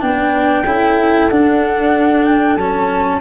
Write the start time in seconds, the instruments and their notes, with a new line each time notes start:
0.00 tuba B3, cello D4, flute G5
0.06 horn B4
0.65 tuba C#4, cello E4, horn A4
1.30 tuba D4, cello D4, flute F#5
2.25 flute G5
2.56 tuba F#3, cello C#4, flute A5